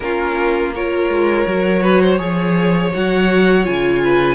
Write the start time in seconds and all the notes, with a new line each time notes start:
0.00 A#3 C#4 F4 A#4
0.74 F4 A#4 C#5
1.08 G#3
1.46 F#3 F#4
1.82 B4
2.00 C5
2.18 F3 G#4 C#5
2.93 F#3 F#4 F#5
3.63 C#3 F4 G#5
4.03 B4